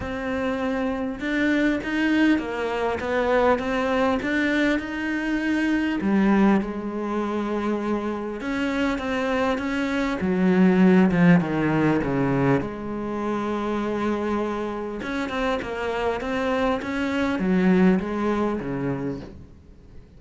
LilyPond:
\new Staff \with { instrumentName = "cello" } { \time 4/4 \tempo 4 = 100 c'2 d'4 dis'4 | ais4 b4 c'4 d'4 | dis'2 g4 gis4~ | gis2 cis'4 c'4 |
cis'4 fis4. f8 dis4 | cis4 gis2.~ | gis4 cis'8 c'8 ais4 c'4 | cis'4 fis4 gis4 cis4 | }